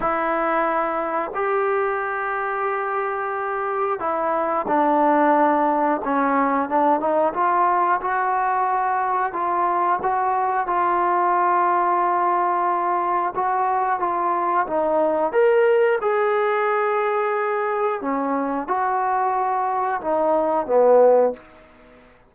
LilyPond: \new Staff \with { instrumentName = "trombone" } { \time 4/4 \tempo 4 = 90 e'2 g'2~ | g'2 e'4 d'4~ | d'4 cis'4 d'8 dis'8 f'4 | fis'2 f'4 fis'4 |
f'1 | fis'4 f'4 dis'4 ais'4 | gis'2. cis'4 | fis'2 dis'4 b4 | }